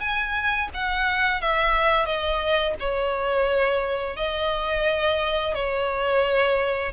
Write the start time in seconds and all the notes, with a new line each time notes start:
0.00 G#5
0.74 F#5
1.41 E5
2.06 D#5
2.80 C#5
4.17 D#5
5.55 C#5